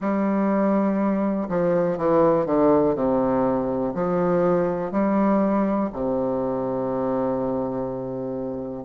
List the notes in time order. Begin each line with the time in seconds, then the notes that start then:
0.00 G3
1.48 F3
1.97 E3
2.45 D3
2.95 C3
3.94 F3
4.91 G3
5.92 C3